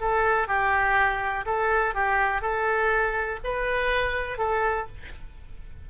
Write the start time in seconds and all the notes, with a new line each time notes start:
0.00 A4
0.47 G4
1.45 A4
1.94 G4
2.41 A4
3.44 B4
4.38 A4